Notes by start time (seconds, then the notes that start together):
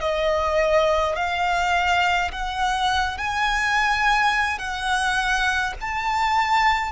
0.00 D#5
1.15 F5
2.31 F#5
3.17 G#5
4.58 F#5
5.81 A5